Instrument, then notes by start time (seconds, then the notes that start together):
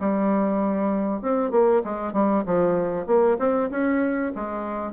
bassoon
0.00 G3
1.22 C4
1.51 A#3
1.84 G#3
2.13 G3
2.46 F3
3.06 A#3
3.39 C4
3.71 C#4
4.35 G#3